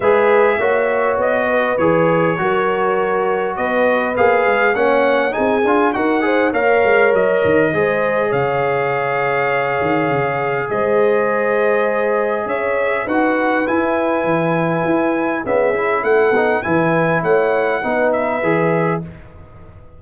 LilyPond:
<<
  \new Staff \with { instrumentName = "trumpet" } { \time 4/4 \tempo 4 = 101 e''2 dis''4 cis''4~ | cis''2 dis''4 f''4 | fis''4 gis''4 fis''4 f''4 | dis''2 f''2~ |
f''2 dis''2~ | dis''4 e''4 fis''4 gis''4~ | gis''2 e''4 fis''4 | gis''4 fis''4. e''4. | }
  \new Staff \with { instrumentName = "horn" } { \time 4/4 b'4 cis''4. b'4. | ais'2 b'2 | cis''4 gis'4 ais'8 c''8 cis''4~ | cis''4 c''4 cis''2~ |
cis''2 c''2~ | c''4 cis''4 b'2~ | b'2 gis'4 a'4 | b'4 cis''4 b'2 | }
  \new Staff \with { instrumentName = "trombone" } { \time 4/4 gis'4 fis'2 gis'4 | fis'2. gis'4 | cis'4 dis'8 f'8 fis'8 gis'8 ais'4~ | ais'4 gis'2.~ |
gis'1~ | gis'2 fis'4 e'4~ | e'2 b8 e'4 dis'8 | e'2 dis'4 gis'4 | }
  \new Staff \with { instrumentName = "tuba" } { \time 4/4 gis4 ais4 b4 e4 | fis2 b4 ais8 gis8 | ais4 c'8 d'8 dis'4 ais8 gis8 | fis8 dis8 gis4 cis2~ |
cis8 dis8 cis4 gis2~ | gis4 cis'4 dis'4 e'4 | e4 e'4 cis'4 a8 b8 | e4 a4 b4 e4 | }
>>